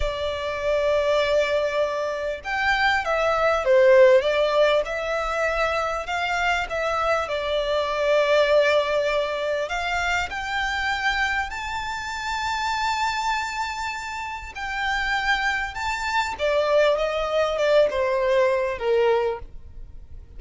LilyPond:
\new Staff \with { instrumentName = "violin" } { \time 4/4 \tempo 4 = 99 d''1 | g''4 e''4 c''4 d''4 | e''2 f''4 e''4 | d''1 |
f''4 g''2 a''4~ | a''1 | g''2 a''4 d''4 | dis''4 d''8 c''4. ais'4 | }